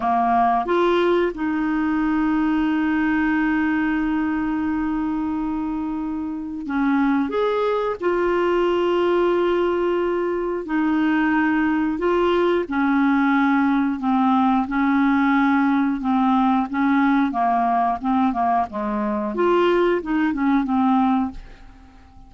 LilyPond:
\new Staff \with { instrumentName = "clarinet" } { \time 4/4 \tempo 4 = 90 ais4 f'4 dis'2~ | dis'1~ | dis'2 cis'4 gis'4 | f'1 |
dis'2 f'4 cis'4~ | cis'4 c'4 cis'2 | c'4 cis'4 ais4 c'8 ais8 | gis4 f'4 dis'8 cis'8 c'4 | }